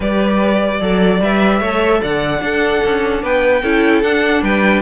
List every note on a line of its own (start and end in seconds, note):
0.00 0.80 G3
0.00 0.81 G4
0.00 0.80 B4
0.00 1.22 D5
0.80 1.20 F#3
0.80 1.21 A4
0.80 1.60 D5
1.20 1.60 G3
1.20 1.62 B4
1.20 2.02 E5
1.60 2.00 A3
1.60 2.39 A4
1.60 2.00 C#5
2.01 2.40 D3
2.01 2.42 D5
2.01 3.23 F#5
2.39 3.60 D4
2.39 2.81 D4
2.39 3.22 A4
2.85 3.23 C#4
3.22 3.62 B3
3.22 3.62 B4
3.22 4.02 G5
3.62 4.03 C#4
3.62 4.03 E4
3.62 4.42 A4
4.02 4.42 D4
4.02 4.82 D4
4.02 4.42 F#5
4.42 4.82 G3
4.42 4.82 B4
4.42 4.82 G5